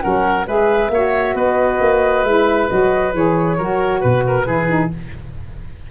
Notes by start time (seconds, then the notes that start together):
0.00 F#3 C#4 A#4 F#5
0.46 G#3 G#4 B4 E5
0.89 A#3 F#4 C#5
1.34 B3 B4 D#5
1.80 A#3
2.24 G#3 E4 E5
2.68 F#3 F#4 D#5
3.13 E3 G#4 C#5
3.57 F#3 F#4 A#4
4.00 B2 B4
4.27 A#4
4.46 E3 E4 G#4
4.68 D#4